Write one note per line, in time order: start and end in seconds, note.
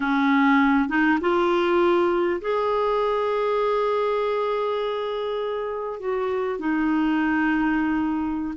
0.00 0.88 C#4
0.88 1.18 D#4
1.20 2.40 F4
2.41 5.99 G#4
5.99 6.59 F#4
6.59 8.54 D#4